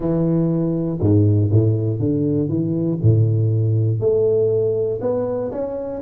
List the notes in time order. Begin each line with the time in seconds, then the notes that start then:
0.00 E3
1.00 G#2
1.51 A2
1.99 D3
2.48 E3
3.01 A2
4.00 A3
5.01 B3
5.51 C#4